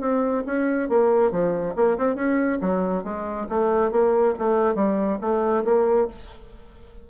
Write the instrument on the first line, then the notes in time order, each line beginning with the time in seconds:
bassoon
0.00 C4
0.46 C#4
0.89 A#3
1.31 F3
1.76 A#3
1.98 C4
2.15 C#4
2.61 F#3
3.04 G#3
3.49 A3
3.91 A#3
4.38 A3
4.75 G3
5.21 A3
5.65 A#3